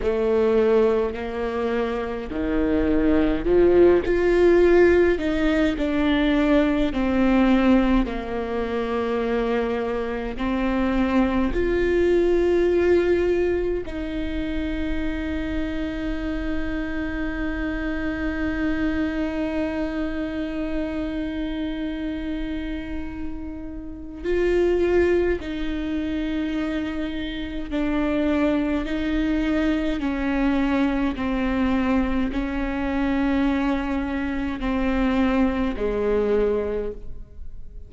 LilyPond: \new Staff \with { instrumentName = "viola" } { \time 4/4 \tempo 4 = 52 a4 ais4 dis4 f8 f'8~ | f'8 dis'8 d'4 c'4 ais4~ | ais4 c'4 f'2 | dis'1~ |
dis'1~ | dis'4 f'4 dis'2 | d'4 dis'4 cis'4 c'4 | cis'2 c'4 gis4 | }